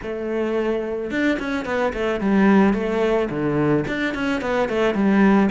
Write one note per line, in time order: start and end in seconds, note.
0.02 1.10 A3
1.10 1.38 D4
1.39 1.65 C#4
1.65 1.92 B3
1.93 2.20 A3
2.20 2.73 G3
2.73 3.28 A3
3.30 3.85 D3
3.87 4.14 D4
4.14 4.41 C#4
4.41 4.68 B3
4.68 4.94 A3
4.94 5.49 G3